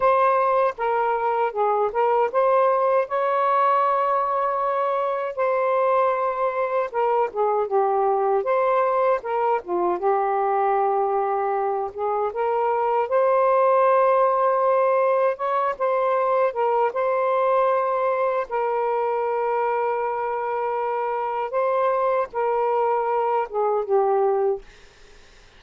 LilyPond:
\new Staff \with { instrumentName = "saxophone" } { \time 4/4 \tempo 4 = 78 c''4 ais'4 gis'8 ais'8 c''4 | cis''2. c''4~ | c''4 ais'8 gis'8 g'4 c''4 | ais'8 f'8 g'2~ g'8 gis'8 |
ais'4 c''2. | cis''8 c''4 ais'8 c''2 | ais'1 | c''4 ais'4. gis'8 g'4 | }